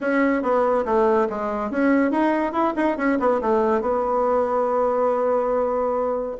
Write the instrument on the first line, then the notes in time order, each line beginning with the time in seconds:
bassoon
0.00 C#4
0.42 B3
0.85 A3
1.29 G#3
1.70 C#4
2.11 D#4
2.52 E4
2.76 D#4
2.97 C#4
3.19 B3
3.41 A3
3.81 B3